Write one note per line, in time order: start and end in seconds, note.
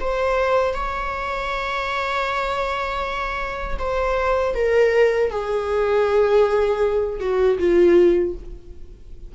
0.00 0.73 C5
0.73 3.77 C#5
3.78 4.54 C5
4.54 5.30 A#4
5.30 7.20 G#4
7.20 7.58 F#4
7.58 8.34 F4